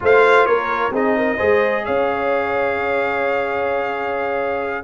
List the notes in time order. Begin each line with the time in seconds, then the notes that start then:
0.00 A3 F4 C5 F5
0.45 A#3 A#4 C#5
0.91 C4 D#4 G#4 D#5
1.16 A#4
1.36 G#3 G#4 C5
1.84 C#4 C#5 F5